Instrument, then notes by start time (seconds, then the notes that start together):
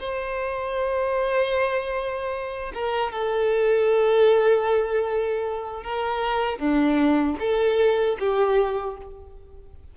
violin
0.00 C5
2.74 A#4
3.12 A4
5.83 A#4
6.59 D4
7.40 A4
8.20 G4